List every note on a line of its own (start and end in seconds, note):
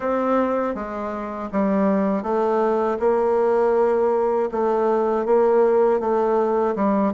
0.00 0.74 C4
0.74 1.49 G#3
1.52 2.22 G3
2.22 2.97 A3
2.99 4.49 A#3
4.51 5.25 A3
5.25 6.00 A#3
6.00 6.75 A3
6.75 7.12 G3